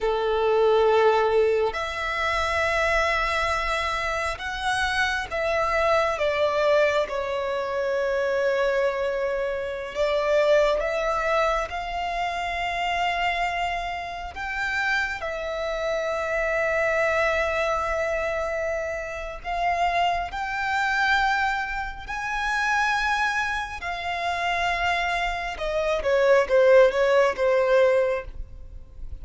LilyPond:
\new Staff \with { instrumentName = "violin" } { \time 4/4 \tempo 4 = 68 a'2 e''2~ | e''4 fis''4 e''4 d''4 | cis''2.~ cis''16 d''8.~ | d''16 e''4 f''2~ f''8.~ |
f''16 g''4 e''2~ e''8.~ | e''2 f''4 g''4~ | g''4 gis''2 f''4~ | f''4 dis''8 cis''8 c''8 cis''8 c''4 | }